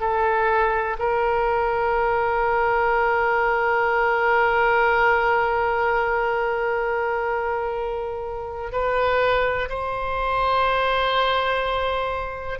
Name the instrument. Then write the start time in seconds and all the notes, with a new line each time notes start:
oboe
0.00 A4
0.99 A#4
8.72 B4
9.70 C5